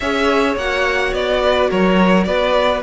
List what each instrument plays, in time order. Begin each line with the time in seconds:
0.00 cello C#4, viola G#4, violin C#5 E5
0.56 cello A#3, viola F#4, violin F#5
1.13 cello B3, violin D5
1.43 violin B4
1.70 cello F#3, violin A#4 C#5
2.24 cello B3, violin B4 D5